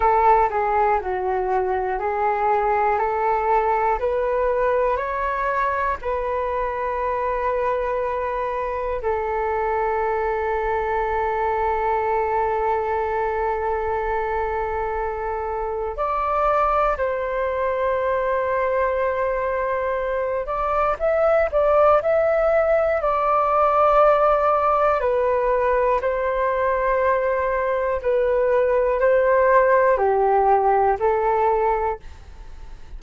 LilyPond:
\new Staff \with { instrumentName = "flute" } { \time 4/4 \tempo 4 = 60 a'8 gis'8 fis'4 gis'4 a'4 | b'4 cis''4 b'2~ | b'4 a'2.~ | a'1 |
d''4 c''2.~ | c''8 d''8 e''8 d''8 e''4 d''4~ | d''4 b'4 c''2 | b'4 c''4 g'4 a'4 | }